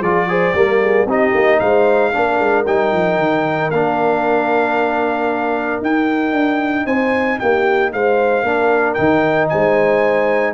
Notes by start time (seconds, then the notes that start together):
0.00 F3 F4 G#4 D5
0.28 G#4 C5
0.54 G3 A#3 A#4
0.82 G#4
1.05 C4 D#4 G4 D#5
1.34 A#3
1.60 G#3 C5 F5
2.13 A#3 D4 A#4
2.39 G#3
2.66 G3 D#4 G5
2.92 F3
3.18 D#3
3.71 A#3 D4 F5
5.81 D#4 G5
6.32 D4
6.86 C4 C5 G#5
7.39 A#3 G4 G5
7.93 G#3 C5 F5
8.43 A#3 D4 A#4
8.94 D#3 D#4 G5
9.49 G#3 C5 G#5